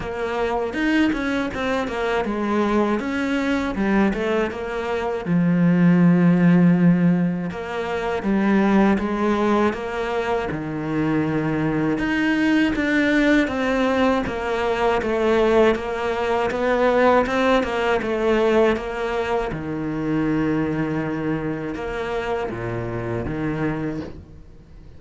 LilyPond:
\new Staff \with { instrumentName = "cello" } { \time 4/4 \tempo 4 = 80 ais4 dis'8 cis'8 c'8 ais8 gis4 | cis'4 g8 a8 ais4 f4~ | f2 ais4 g4 | gis4 ais4 dis2 |
dis'4 d'4 c'4 ais4 | a4 ais4 b4 c'8 ais8 | a4 ais4 dis2~ | dis4 ais4 ais,4 dis4 | }